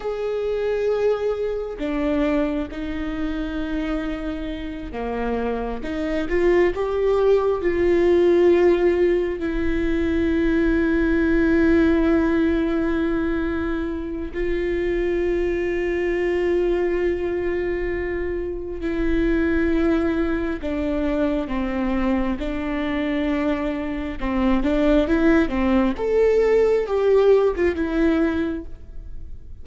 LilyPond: \new Staff \with { instrumentName = "viola" } { \time 4/4 \tempo 4 = 67 gis'2 d'4 dis'4~ | dis'4. ais4 dis'8 f'8 g'8~ | g'8 f'2 e'4.~ | e'1 |
f'1~ | f'4 e'2 d'4 | c'4 d'2 c'8 d'8 | e'8 c'8 a'4 g'8. f'16 e'4 | }